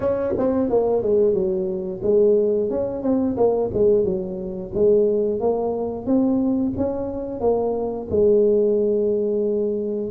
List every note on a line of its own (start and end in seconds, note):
0.00 0.33 C#4
0.37 0.69 C4
0.69 1.02 A#3
1.02 1.33 G#3
1.33 2.00 F#3
2.03 2.70 G#3
2.70 3.02 C#4
3.02 3.36 C4
3.36 3.70 A#3
3.73 4.04 G#3
4.04 4.71 F#3
4.74 5.40 G#3
5.40 6.06 A#3
6.06 6.73 C4
6.77 7.40 C#4
7.40 8.07 A#3
8.10 10.11 G#3